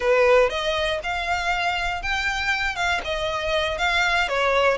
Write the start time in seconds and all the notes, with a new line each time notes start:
0.00 B4
0.49 D#5
1.03 F5
2.02 G5
2.75 F5
3.04 D#5
3.78 F5
4.28 C#5